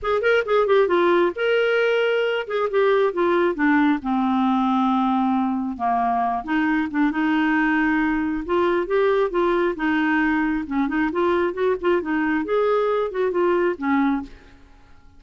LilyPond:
\new Staff \with { instrumentName = "clarinet" } { \time 4/4 \tempo 4 = 135 gis'8 ais'8 gis'8 g'8 f'4 ais'4~ | ais'4. gis'8 g'4 f'4 | d'4 c'2.~ | c'4 ais4. dis'4 d'8 |
dis'2. f'4 | g'4 f'4 dis'2 | cis'8 dis'8 f'4 fis'8 f'8 dis'4 | gis'4. fis'8 f'4 cis'4 | }